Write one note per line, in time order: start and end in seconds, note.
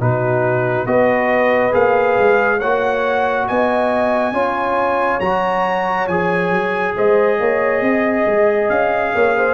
0.00 0.86 B2
0.00 0.87 D#4
0.00 0.87 F#4
0.00 0.87 B4
0.86 1.73 B3
0.86 1.72 F#4
0.86 2.59 B4
0.86 1.74 D#5
1.72 2.18 A#3
1.72 2.59 G#4
1.72 2.60 F5
2.18 2.61 G#3
2.59 3.48 A#3
2.59 4.34 F#4
2.59 3.45 C#5
2.59 3.47 F#5
3.48 4.32 B3
3.48 4.34 D#5
3.48 5.20 G#5
4.32 5.19 C#4
4.32 5.21 F4
4.32 6.95 C#5
5.20 6.08 F#3
5.20 6.09 F#4
5.20 6.07 A#5
6.08 6.51 F3
6.08 9.54 G#4
6.08 6.95 G#5
6.51 6.95 F#3
6.95 7.40 G#3
6.95 7.39 C5
6.95 8.69 D#5
7.40 7.81 A#3
7.40 7.83 C#5
7.81 8.25 C4
7.81 9.14 D#5
8.26 8.70 G#3
8.69 9.13 C#4
8.69 9.54 F5
9.14 9.54 A#3
9.14 9.36 C#5
9.37 9.54 C5